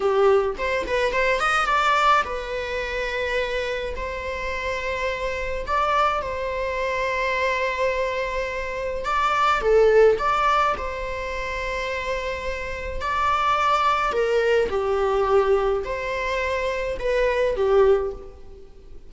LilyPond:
\new Staff \with { instrumentName = "viola" } { \time 4/4 \tempo 4 = 106 g'4 c''8 b'8 c''8 dis''8 d''4 | b'2. c''4~ | c''2 d''4 c''4~ | c''1 |
d''4 a'4 d''4 c''4~ | c''2. d''4~ | d''4 ais'4 g'2 | c''2 b'4 g'4 | }